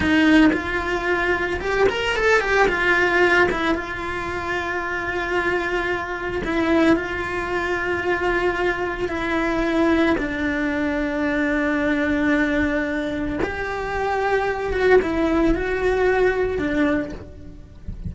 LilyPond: \new Staff \with { instrumentName = "cello" } { \time 4/4 \tempo 4 = 112 dis'4 f'2 g'8 ais'8 | a'8 g'8 f'4. e'8 f'4~ | f'1 | e'4 f'2.~ |
f'4 e'2 d'4~ | d'1~ | d'4 g'2~ g'8 fis'8 | e'4 fis'2 d'4 | }